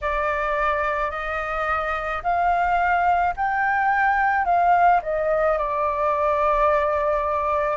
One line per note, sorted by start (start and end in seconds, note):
0.01 1.11 D5
1.11 2.22 D#5
2.23 3.34 F5
3.36 4.45 G5
4.45 5.01 F5
5.02 5.58 D#5
5.58 7.77 D5